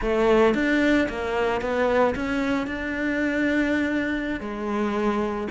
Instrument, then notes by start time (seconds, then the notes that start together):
cello
0.01 A3
0.54 D4
1.09 A#3
1.61 B3
2.15 C#4
2.66 D4
4.40 G#3